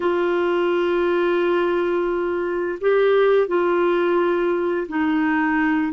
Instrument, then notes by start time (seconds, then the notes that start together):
clarinet
0.00 F4
2.80 G4
3.47 F4
4.88 D#4